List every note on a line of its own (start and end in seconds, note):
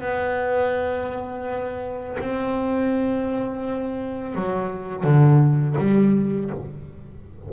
0.00 2.17 B3
2.19 4.34 C4
4.34 5.03 F#3
5.03 5.75 D3
5.78 6.50 G3